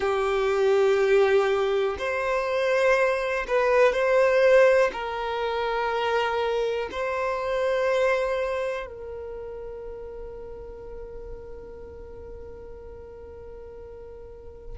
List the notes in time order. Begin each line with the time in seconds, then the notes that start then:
0.00 G4
1.98 C5
3.47 B4
3.92 C5
4.92 A#4
6.91 C5
8.86 A#4